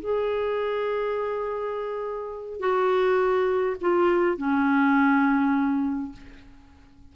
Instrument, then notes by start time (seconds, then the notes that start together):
clarinet
0.00 G#4
2.60 F#4
3.81 F4
4.37 C#4